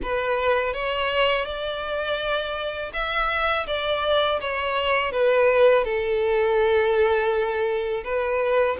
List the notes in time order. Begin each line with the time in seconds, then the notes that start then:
0.02 B4
0.73 C#5
1.45 D5
2.93 E5
3.67 D5
4.40 C#5
5.12 B4
5.84 A4
8.04 B4